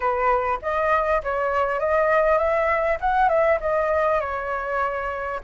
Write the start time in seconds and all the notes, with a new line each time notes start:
0.00 B4
0.61 D#5
1.23 C#5
1.79 D#5
2.38 E5
3.00 F#5
3.28 E5
3.60 D#5
4.20 C#5